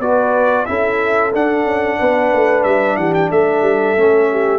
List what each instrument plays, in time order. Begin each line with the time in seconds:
0.00 tuba B3, trombone F#4, horn B4, trumpet D5
0.66 tuba C#4, trombone E4, horn A4, trumpet E5
1.35 tuba D4, trombone D4, trumpet F#5
1.64 tuba C#4
1.99 tuba B3, horn B4
2.34 tuba A3
2.64 tuba G3, trumpet E5
2.97 tuba E3, horn G4, trumpet F#5
3.14 trumpet G5
3.30 tuba A3, horn A4, trumpet E5
3.62 tuba G3
3.97 tuba A3, trombone C#4
4.32 horn G4